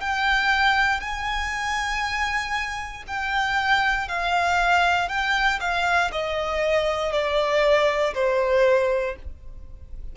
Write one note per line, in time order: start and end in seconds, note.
0.00 1.00 G5
1.00 3.03 G#5
3.07 4.08 G5
4.08 5.08 F5
5.08 5.59 G5
5.60 6.11 F5
6.11 7.12 D#5
7.12 8.14 D5
8.14 9.15 C5